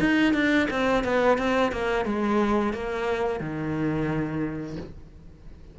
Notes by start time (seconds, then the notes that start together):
0.00 D#4
0.34 D4
0.70 C4
1.04 B3
1.38 C4
1.72 A#3
2.05 G#3
2.73 A#3
3.40 D#3